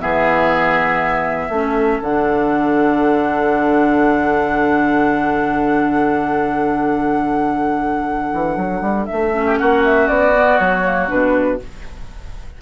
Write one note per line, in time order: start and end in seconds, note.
0.00 1.49 E3
0.00 1.51 B3
0.00 1.52 G#4
0.00 2.02 E5
1.49 1.99 A3
1.49 2.03 C#4
1.49 9.46 A4
2.01 8.32 D3
2.01 9.33 D4
2.01 9.06 F#5
8.34 8.57 E3
8.57 8.81 F#3
8.81 9.07 G3
9.06 9.56 E5
9.12 9.61 A3
9.33 10.34 C#4
9.46 9.59 G4
9.58 10.09 A#3
9.58 11.62 F#4
9.58 9.83 F#5
9.85 10.08 E5
10.08 10.59 B3
10.08 10.58 D5
10.36 10.84 B3
10.58 11.10 F#3
10.58 11.09 C#5
10.84 11.08 A#3
11.08 11.61 B2
11.08 11.59 D4
11.08 11.60 B4